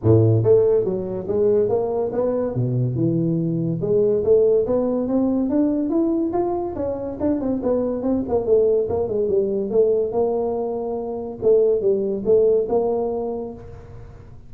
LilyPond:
\new Staff \with { instrumentName = "tuba" } { \time 4/4 \tempo 4 = 142 a,4 a4 fis4 gis4 | ais4 b4 b,4 e4~ | e4 gis4 a4 b4 | c'4 d'4 e'4 f'4 |
cis'4 d'8 c'8 b4 c'8 ais8 | a4 ais8 gis8 g4 a4 | ais2. a4 | g4 a4 ais2 | }